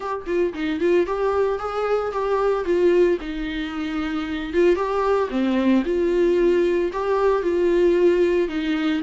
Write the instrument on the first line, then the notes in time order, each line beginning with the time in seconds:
viola
0.00 G4
0.26 F4
0.53 D#4
0.79 F4
1.06 G4
1.59 G#4
2.11 G4
2.64 F4
3.20 D#4
4.53 F4
4.75 G4
5.30 C4
5.85 F4
6.92 G4
7.42 F4
8.48 D#4